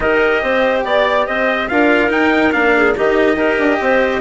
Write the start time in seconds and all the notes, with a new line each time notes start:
0.00 D#4 G4 A#4 D#5
0.42 C4 C5
0.84 B3 D5
1.26 C4 C5 D#5
1.68 D4 F4 A#4 F5
2.08 D#4 G5
2.52 A#3 D4 F5
2.76 G#4
2.96 D#3 D#4 G4 D#5
3.35 D#4 G4 A#4
3.58 D4
3.80 C4 C5